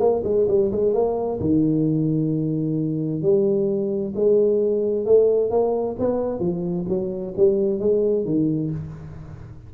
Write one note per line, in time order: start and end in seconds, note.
0.00 0.23 A#3
0.24 0.47 G#3
0.49 0.72 G3
0.72 0.94 G#3
0.94 1.40 A#3
1.40 3.22 D#3
3.22 4.14 G3
4.16 5.06 G#3
5.06 5.51 A3
5.51 5.97 A#3
6.00 6.40 B3
6.40 6.86 F3
6.89 7.35 F#3
7.37 7.80 G3
7.80 8.25 G#3
8.25 8.71 D#3